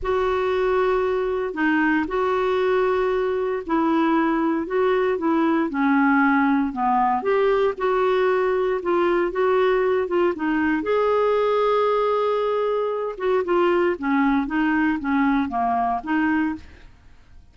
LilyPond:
\new Staff \with { instrumentName = "clarinet" } { \time 4/4 \tempo 4 = 116 fis'2. dis'4 | fis'2. e'4~ | e'4 fis'4 e'4 cis'4~ | cis'4 b4 g'4 fis'4~ |
fis'4 f'4 fis'4. f'8 | dis'4 gis'2.~ | gis'4. fis'8 f'4 cis'4 | dis'4 cis'4 ais4 dis'4 | }